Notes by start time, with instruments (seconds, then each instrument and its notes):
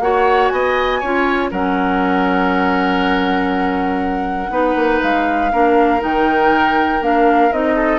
0.00 bassoon A#3, clarinet F#4, oboe C#5, flute F#5
0.49 bassoon B3, oboe D#5, flute G#5
1.00 bassoon C#4, clarinet F4, oboe C#5
1.51 bassoon F#3, clarinet C#4, oboe A#4, flute F#5
4.50 bassoon B3, clarinet D#4, oboe B4
4.76 bassoon A#3
5.02 bassoon G#3, flute F5
5.52 bassoon A#3, clarinet D4, oboe A#4
6.00 bassoon D#3, clarinet D#4, flute G5
7.01 bassoon A#3, clarinet D4, flute F5
7.52 bassoon C4, clarinet D#4, flute D#5
7.76 oboe A4